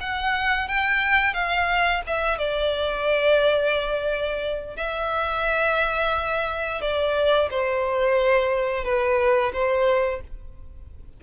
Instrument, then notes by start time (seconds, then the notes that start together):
violin
0.00 F#5
0.68 G5
1.33 F5
2.07 E5
2.38 D5
4.76 E5
6.81 D5
7.50 C5
8.84 B4
9.53 C5